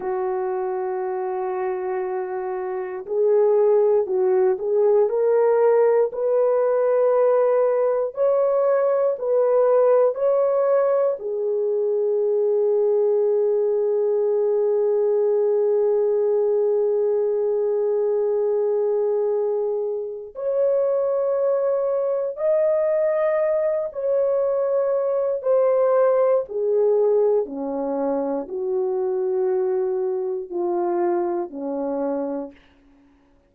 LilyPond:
\new Staff \with { instrumentName = "horn" } { \time 4/4 \tempo 4 = 59 fis'2. gis'4 | fis'8 gis'8 ais'4 b'2 | cis''4 b'4 cis''4 gis'4~ | gis'1~ |
gis'1 | cis''2 dis''4. cis''8~ | cis''4 c''4 gis'4 cis'4 | fis'2 f'4 cis'4 | }